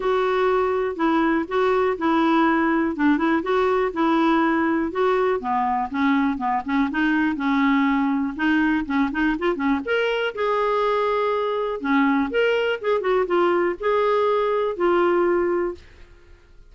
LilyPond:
\new Staff \with { instrumentName = "clarinet" } { \time 4/4 \tempo 4 = 122 fis'2 e'4 fis'4 | e'2 d'8 e'8 fis'4 | e'2 fis'4 b4 | cis'4 b8 cis'8 dis'4 cis'4~ |
cis'4 dis'4 cis'8 dis'8 f'8 cis'8 | ais'4 gis'2. | cis'4 ais'4 gis'8 fis'8 f'4 | gis'2 f'2 | }